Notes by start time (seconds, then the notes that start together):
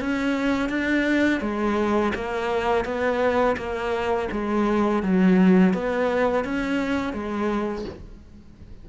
0.00 C#4
0.69 D4
1.41 G#3
2.15 A#3
2.85 B3
3.57 A#3
4.32 G#3
5.03 F#3
5.74 B3
6.45 C#4
7.14 G#3